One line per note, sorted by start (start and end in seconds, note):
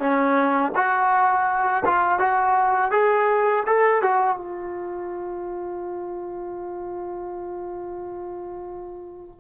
0.00 0.72 C#4
0.76 1.84 F#4
1.86 2.20 F4
2.20 2.92 F#4
2.92 3.64 G#4
3.67 4.03 A4
4.03 4.37 F#4
4.37 9.40 F4